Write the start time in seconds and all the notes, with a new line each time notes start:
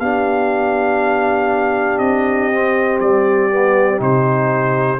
0.00 B3 D4 G4 F5
1.99 C4 D#5
2.52 C4
3.00 G3 D5
3.50 B3
3.97 C3 D#4 C5